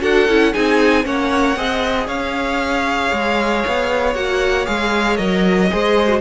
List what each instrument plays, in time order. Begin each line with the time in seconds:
0.00 cello D4, viola F#4, violin A4 F#5
0.28 cello C#4, viola E4
0.53 cello C4, viola D#4, violin G#4 G#5
1.04 cello A#3, viola C#4, violin C#5 F#5
1.56 cello C4, viola G#4, violin D#5
2.07 cello C#4, violin C#5 F5
3.12 cello G#3
3.67 cello B3
4.14 cello A#3, viola F#4, violin F#5
4.65 cello G#3, viola G#4, violin F5
5.17 cello F#3, viola A#4, violin D#5
5.70 cello G#3, viola G#4, violin C5
6.08 viola F#4